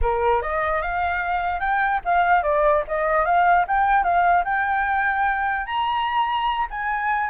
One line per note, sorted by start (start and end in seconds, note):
0.01 0.41 A#4
0.41 0.81 D#5
0.81 1.59 F5
1.59 2.00 G5
2.05 2.43 F5
2.43 2.83 D5
2.87 3.25 D#5
3.25 3.65 F5
3.67 4.03 G5
4.03 4.44 F5
4.44 5.66 G5
5.66 6.67 A#5
6.70 7.30 G#5